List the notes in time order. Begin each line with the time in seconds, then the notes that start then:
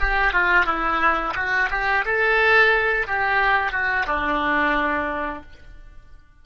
0.00 G4
0.33 F4
0.66 E4
1.36 F#4
1.70 G4
2.05 A4
3.07 G4
3.72 F#4
4.07 D4